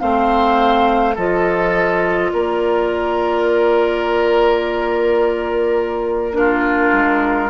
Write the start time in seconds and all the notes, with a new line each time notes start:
0.00 A3 C4 C5 F5
1.16 F3 F4 A4 D#5
2.32 A#3 A#4 D5
6.34 D4 F4 A#4
6.93 G#3